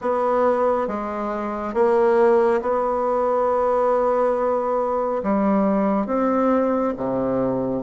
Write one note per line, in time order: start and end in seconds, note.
0.01 0.87 B3
0.87 1.74 G#3
1.74 2.60 A#3
2.61 5.22 B3
5.23 6.06 G3
6.06 6.93 C4
6.96 7.83 C3